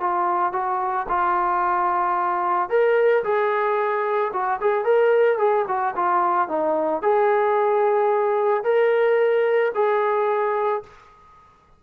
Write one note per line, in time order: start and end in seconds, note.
0.00 0.52 F4
0.52 1.06 F#4
1.08 2.69 F4
2.69 3.23 A#4
3.24 4.32 G#4
4.33 4.60 F#4
4.60 4.84 G#4
4.84 5.38 A#4
5.38 5.65 G#4
5.67 5.94 F#4
5.96 6.48 F4
6.48 7.02 D#4
7.02 8.63 G#4
8.63 9.71 A#4
9.74 10.83 G#4